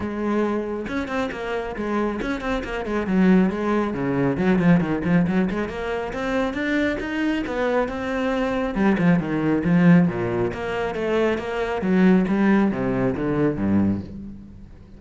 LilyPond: \new Staff \with { instrumentName = "cello" } { \time 4/4 \tempo 4 = 137 gis2 cis'8 c'8 ais4 | gis4 cis'8 c'8 ais8 gis8 fis4 | gis4 cis4 fis8 f8 dis8 f8 | fis8 gis8 ais4 c'4 d'4 |
dis'4 b4 c'2 | g8 f8 dis4 f4 ais,4 | ais4 a4 ais4 fis4 | g4 c4 d4 g,4 | }